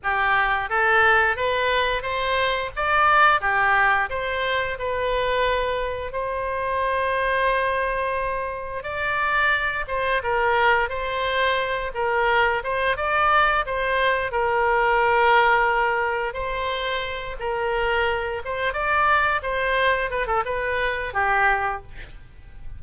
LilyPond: \new Staff \with { instrumentName = "oboe" } { \time 4/4 \tempo 4 = 88 g'4 a'4 b'4 c''4 | d''4 g'4 c''4 b'4~ | b'4 c''2.~ | c''4 d''4. c''8 ais'4 |
c''4. ais'4 c''8 d''4 | c''4 ais'2. | c''4. ais'4. c''8 d''8~ | d''8 c''4 b'16 a'16 b'4 g'4 | }